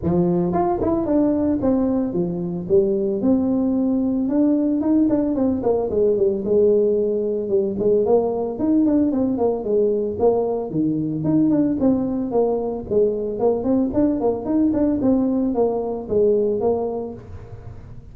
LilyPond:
\new Staff \with { instrumentName = "tuba" } { \time 4/4 \tempo 4 = 112 f4 f'8 e'8 d'4 c'4 | f4 g4 c'2 | d'4 dis'8 d'8 c'8 ais8 gis8 g8 | gis2 g8 gis8 ais4 |
dis'8 d'8 c'8 ais8 gis4 ais4 | dis4 dis'8 d'8 c'4 ais4 | gis4 ais8 c'8 d'8 ais8 dis'8 d'8 | c'4 ais4 gis4 ais4 | }